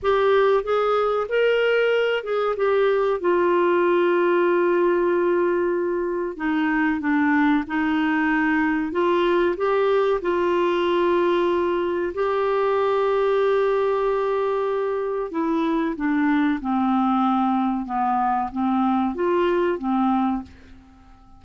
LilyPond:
\new Staff \with { instrumentName = "clarinet" } { \time 4/4 \tempo 4 = 94 g'4 gis'4 ais'4. gis'8 | g'4 f'2.~ | f'2 dis'4 d'4 | dis'2 f'4 g'4 |
f'2. g'4~ | g'1 | e'4 d'4 c'2 | b4 c'4 f'4 c'4 | }